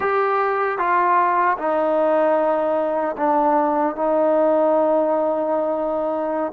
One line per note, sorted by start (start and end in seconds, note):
0.00 0.78 G4
0.78 1.57 F4
1.58 3.16 D#4
3.17 3.95 D4
3.95 6.52 D#4